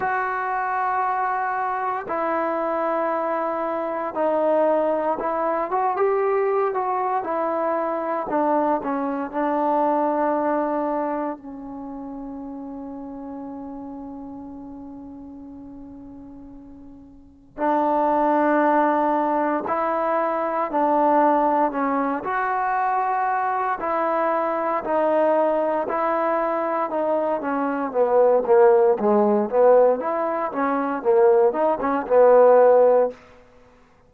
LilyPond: \new Staff \with { instrumentName = "trombone" } { \time 4/4 \tempo 4 = 58 fis'2 e'2 | dis'4 e'8 fis'16 g'8. fis'8 e'4 | d'8 cis'8 d'2 cis'4~ | cis'1~ |
cis'4 d'2 e'4 | d'4 cis'8 fis'4. e'4 | dis'4 e'4 dis'8 cis'8 b8 ais8 | gis8 b8 e'8 cis'8 ais8 dis'16 cis'16 b4 | }